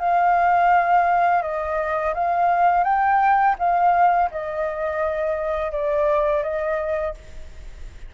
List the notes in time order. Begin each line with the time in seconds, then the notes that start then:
0.00 F5
1.43 D#5
2.15 F5
2.84 G5
3.59 F5
4.31 D#5
5.72 D5
6.44 D#5